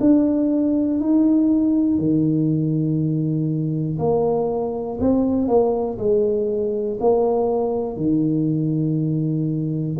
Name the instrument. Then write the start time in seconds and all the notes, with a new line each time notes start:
tuba
0.00 D4
1.00 D#4
1.98 D#3
3.99 A#3
5.00 C4
5.48 A#3
5.98 G#3
7.00 A#3
7.97 D#3